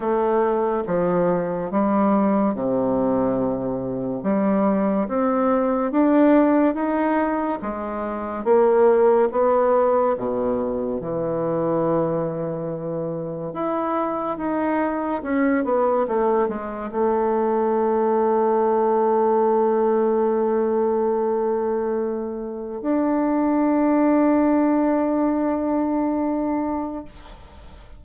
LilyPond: \new Staff \with { instrumentName = "bassoon" } { \time 4/4 \tempo 4 = 71 a4 f4 g4 c4~ | c4 g4 c'4 d'4 | dis'4 gis4 ais4 b4 | b,4 e2. |
e'4 dis'4 cis'8 b8 a8 gis8 | a1~ | a2. d'4~ | d'1 | }